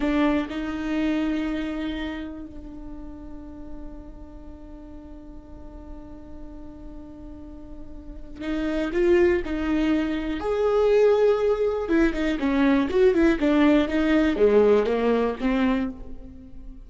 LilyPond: \new Staff \with { instrumentName = "viola" } { \time 4/4 \tempo 4 = 121 d'4 dis'2.~ | dis'4 d'2.~ | d'1~ | d'1~ |
d'4 dis'4 f'4 dis'4~ | dis'4 gis'2. | e'8 dis'8 cis'4 fis'8 e'8 d'4 | dis'4 gis4 ais4 c'4 | }